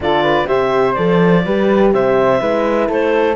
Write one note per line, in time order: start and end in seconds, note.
0.00 0.44 D3
0.00 0.46 F4
0.00 0.22 A4
0.00 0.47 D5
0.22 0.46 B4
0.46 0.96 C3
0.46 0.94 G4
0.46 1.43 C5
0.46 0.94 E5
0.94 1.46 F3
0.94 1.44 A4
0.94 1.90 D5
1.45 1.93 G3
1.45 2.39 G4
1.45 1.93 B4
1.93 2.41 C3
1.93 2.40 C5
1.93 2.89 E5
2.39 2.89 G#3
2.39 3.35 E4
2.39 2.88 B4
2.88 3.35 A3
2.88 3.35 A4
2.88 3.35 C5